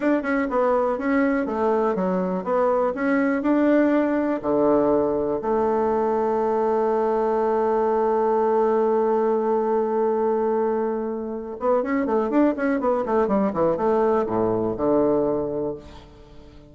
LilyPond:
\new Staff \with { instrumentName = "bassoon" } { \time 4/4 \tempo 4 = 122 d'8 cis'8 b4 cis'4 a4 | fis4 b4 cis'4 d'4~ | d'4 d2 a4~ | a1~ |
a1~ | a2.~ a8 b8 | cis'8 a8 d'8 cis'8 b8 a8 g8 e8 | a4 a,4 d2 | }